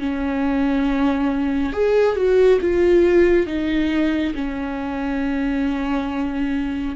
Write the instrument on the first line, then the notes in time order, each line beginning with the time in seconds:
viola
0.00 C#4
1.74 G#4
2.16 F#4
2.62 F4
3.47 D#4
4.35 C#4